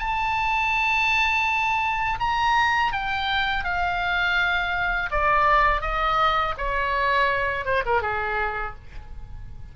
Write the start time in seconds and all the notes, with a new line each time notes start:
0.00 A5
2.20 A#5
2.93 G5
3.64 F5
5.11 D5
5.82 D#5
6.58 C#5
7.66 C5
7.86 A#4
8.02 G#4